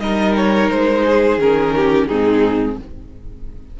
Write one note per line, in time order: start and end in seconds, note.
0.00 0.70 G3
0.00 1.40 D#4
0.00 1.05 A#4
0.00 0.35 D#5
0.37 0.70 C#5
0.70 1.38 G#3
0.70 1.40 C5
1.05 1.75 G#4
1.38 2.08 D#3
1.38 2.10 C#4
1.38 2.07 A#4
1.76 2.08 G4
2.07 2.80 G#2
2.07 2.80 C4
2.07 2.78 D#4
2.07 2.77 G#4